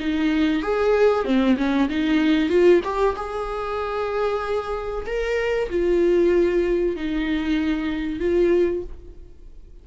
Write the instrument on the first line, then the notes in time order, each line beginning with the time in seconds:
viola
0.00 D#4
0.63 G#4
1.25 C4
1.58 C#4
1.89 D#4
2.49 F4
2.84 G4
3.16 G#4
5.06 A#4
5.70 F4
6.96 D#4
8.20 F4